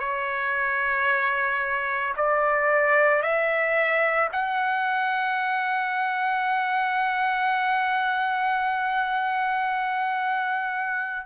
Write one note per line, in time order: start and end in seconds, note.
0.00 2.14 C#5
2.16 3.22 D5
3.22 4.30 E5
4.32 11.26 F#5